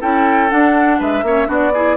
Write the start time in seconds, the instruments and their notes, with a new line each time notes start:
0.00 bassoon C#4, clarinet E4, oboe A4, flute G5
0.50 clarinet D4, bassoon D4, flute F#5
0.98 bassoon G#3, oboe B4, flute E5
1.22 bassoon A#3, clarinet C#4, oboe C#5
1.46 bassoon B3, clarinet D4, oboe F#4
1.52 flute D5
1.73 clarinet E4, oboe G#4